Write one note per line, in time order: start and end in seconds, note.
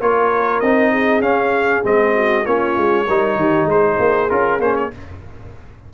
0.00 0.61 A#3
0.00 0.63 F4
0.00 0.91 A#4
0.00 0.60 C#5
0.60 1.20 C4
0.60 1.22 D#4
0.60 1.22 D#5
0.91 2.14 G#4
1.20 1.82 C#4
1.20 1.84 C#4
1.20 1.83 F5
1.84 2.45 G#3
1.84 2.45 C4
1.84 2.46 D#5
2.14 2.44 F#4
2.44 2.77 A#3
2.44 3.07 C#4
2.44 3.05 F4
2.44 3.68 C#5
2.77 3.08 G#3
3.07 3.36 G3
3.07 4.29 D#4
3.07 3.37 A#4
3.36 3.65 D#3
3.36 3.70 G4
3.65 3.96 G#3
3.65 4.93 G#4
3.65 4.30 C5
3.99 4.30 A#3
4.29 4.59 C#4
4.29 4.60 F4
4.29 4.60 A#4
4.59 4.89 A#3
4.59 4.91 C#4
4.59 4.76 C5
4.76 4.91 C#5